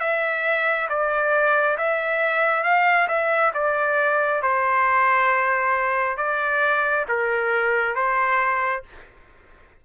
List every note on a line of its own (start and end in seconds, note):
0.00 0.88 E5
0.89 1.77 D5
1.78 2.64 E5
2.64 3.08 F5
3.08 3.52 E5
3.54 4.42 D5
4.42 6.17 C5
6.17 7.05 D5
7.08 7.95 A#4
7.95 8.84 C5